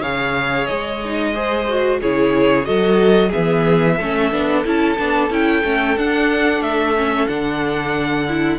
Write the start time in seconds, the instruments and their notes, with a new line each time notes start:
0.00 cello C#3, viola G#4, violin C#5 F5
0.66 cello G#3, violin D#5
1.04 viola D#4
1.34 viola G#4, violin C5
1.68 viola F#4
2.01 cello C#3, viola E4, violin G#4 C#5
2.64 cello F#3, viola F#4, violin A4 D#5
3.29 viola B3, violin G#4 E5
3.35 cello E3
3.95 cello A3, viola C#4, violin A4
4.31 cello B3, viola D4
4.63 cello C#4, viola E4, violin A5
4.98 cello B3, viola D4
5.30 cello C#4, viola E4, violin G5
5.63 cello A3, viola C#4
5.97 cello D4, viola D4, violin F#5
6.61 cello A3, violin E5
6.95 viola C#4
7.27 cello D3, viola D4, violin F#5
8.28 viola E4